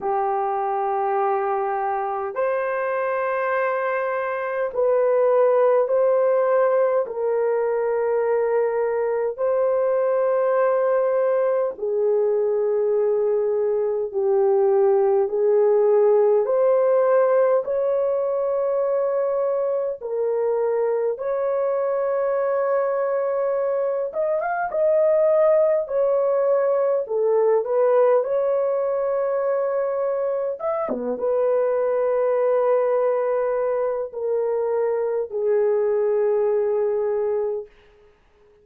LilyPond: \new Staff \with { instrumentName = "horn" } { \time 4/4 \tempo 4 = 51 g'2 c''2 | b'4 c''4 ais'2 | c''2 gis'2 | g'4 gis'4 c''4 cis''4~ |
cis''4 ais'4 cis''2~ | cis''8 dis''16 f''16 dis''4 cis''4 a'8 b'8 | cis''2 e''16 b16 b'4.~ | b'4 ais'4 gis'2 | }